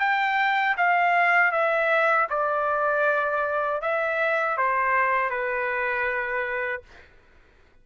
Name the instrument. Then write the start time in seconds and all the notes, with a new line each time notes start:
trumpet
0.00 G5
0.78 F5
1.52 E5
2.30 D5
3.82 E5
4.57 C5
5.31 B4